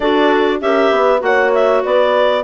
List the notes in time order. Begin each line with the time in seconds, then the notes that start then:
0.00 D4 F#4 A4 D5
0.60 C#4 G4 A#4 E5
0.90 B3 B4
1.19 A#3 F#4 F#5
1.25 C#5
1.53 E5
1.83 B3 B4 D5